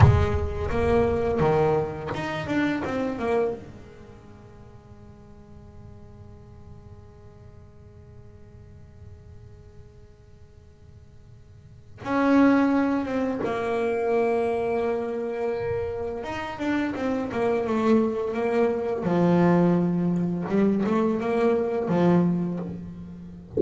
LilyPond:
\new Staff \with { instrumentName = "double bass" } { \time 4/4 \tempo 4 = 85 gis4 ais4 dis4 dis'8 d'8 | c'8 ais8 gis2.~ | gis1~ | gis1~ |
gis4 cis'4. c'8 ais4~ | ais2. dis'8 d'8 | c'8 ais8 a4 ais4 f4~ | f4 g8 a8 ais4 f4 | }